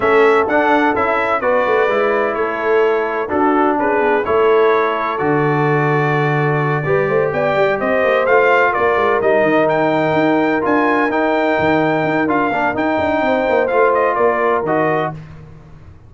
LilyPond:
<<
  \new Staff \with { instrumentName = "trumpet" } { \time 4/4 \tempo 4 = 127 e''4 fis''4 e''4 d''4~ | d''4 cis''2 a'4 | b'4 cis''2 d''4~ | d''2.~ d''8 g''8~ |
g''8 dis''4 f''4 d''4 dis''8~ | dis''8 g''2 gis''4 g''8~ | g''2 f''4 g''4~ | g''4 f''8 dis''8 d''4 dis''4 | }
  \new Staff \with { instrumentName = "horn" } { \time 4/4 a'2. b'4~ | b'4 a'2 fis'4 | gis'4 a'2.~ | a'2~ a'8 b'8 c''8 d''8~ |
d''8 c''2 ais'4.~ | ais'1~ | ais'1 | c''2 ais'2 | }
  \new Staff \with { instrumentName = "trombone" } { \time 4/4 cis'4 d'4 e'4 fis'4 | e'2. d'4~ | d'4 e'2 fis'4~ | fis'2~ fis'8 g'4.~ |
g'4. f'2 dis'8~ | dis'2~ dis'8 f'4 dis'8~ | dis'2 f'8 d'8 dis'4~ | dis'4 f'2 fis'4 | }
  \new Staff \with { instrumentName = "tuba" } { \time 4/4 a4 d'4 cis'4 b8 a8 | gis4 a2 d'4 | cis'8 b8 a2 d4~ | d2~ d8 g8 a8 b8 |
g8 c'8 ais8 a4 ais8 gis8 g8 | dis4. dis'4 d'4 dis'8~ | dis'8 dis4 dis'8 d'8 ais8 dis'8 d'8 | c'8 ais8 a4 ais4 dis4 | }
>>